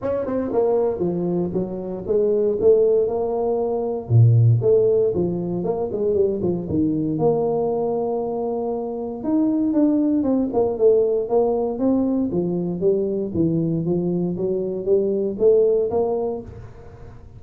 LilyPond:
\new Staff \with { instrumentName = "tuba" } { \time 4/4 \tempo 4 = 117 cis'8 c'8 ais4 f4 fis4 | gis4 a4 ais2 | ais,4 a4 f4 ais8 gis8 | g8 f8 dis4 ais2~ |
ais2 dis'4 d'4 | c'8 ais8 a4 ais4 c'4 | f4 g4 e4 f4 | fis4 g4 a4 ais4 | }